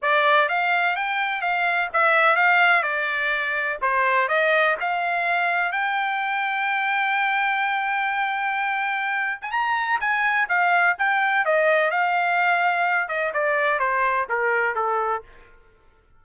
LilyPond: \new Staff \with { instrumentName = "trumpet" } { \time 4/4 \tempo 4 = 126 d''4 f''4 g''4 f''4 | e''4 f''4 d''2 | c''4 dis''4 f''2 | g''1~ |
g''2.~ g''8. gis''16 | ais''4 gis''4 f''4 g''4 | dis''4 f''2~ f''8 dis''8 | d''4 c''4 ais'4 a'4 | }